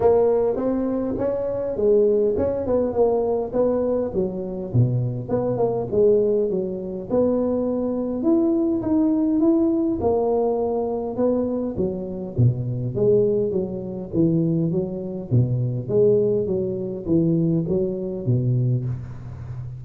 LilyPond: \new Staff \with { instrumentName = "tuba" } { \time 4/4 \tempo 4 = 102 ais4 c'4 cis'4 gis4 | cis'8 b8 ais4 b4 fis4 | b,4 b8 ais8 gis4 fis4 | b2 e'4 dis'4 |
e'4 ais2 b4 | fis4 b,4 gis4 fis4 | e4 fis4 b,4 gis4 | fis4 e4 fis4 b,4 | }